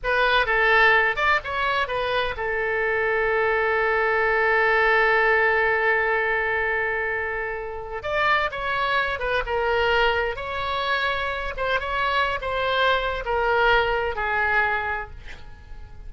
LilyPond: \new Staff \with { instrumentName = "oboe" } { \time 4/4 \tempo 4 = 127 b'4 a'4. d''8 cis''4 | b'4 a'2.~ | a'1~ | a'1~ |
a'4 d''4 cis''4. b'8 | ais'2 cis''2~ | cis''8 c''8 cis''4~ cis''16 c''4.~ c''16 | ais'2 gis'2 | }